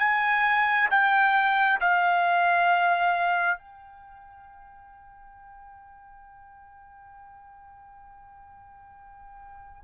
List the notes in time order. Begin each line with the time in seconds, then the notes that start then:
0.00 G#5
0.91 G5
1.81 F5
3.59 G5